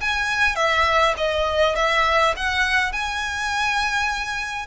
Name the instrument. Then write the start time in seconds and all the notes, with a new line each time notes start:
violin
0.00 G#5
0.56 E5
1.17 D#5
1.75 E5
2.36 F#5
2.92 G#5